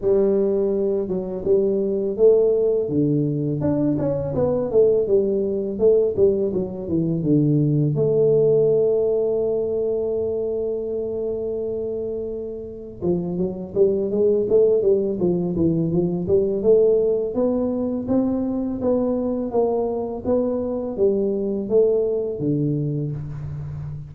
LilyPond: \new Staff \with { instrumentName = "tuba" } { \time 4/4 \tempo 4 = 83 g4. fis8 g4 a4 | d4 d'8 cis'8 b8 a8 g4 | a8 g8 fis8 e8 d4 a4~ | a1~ |
a2 f8 fis8 g8 gis8 | a8 g8 f8 e8 f8 g8 a4 | b4 c'4 b4 ais4 | b4 g4 a4 d4 | }